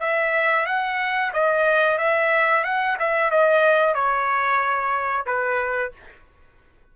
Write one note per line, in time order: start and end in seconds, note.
0.00 0.66 E5
0.66 1.32 F#5
1.33 1.98 D#5
1.98 2.64 E5
2.64 2.97 F#5
2.99 3.31 E5
3.31 3.94 D#5
3.94 5.26 C#5
5.26 5.92 B4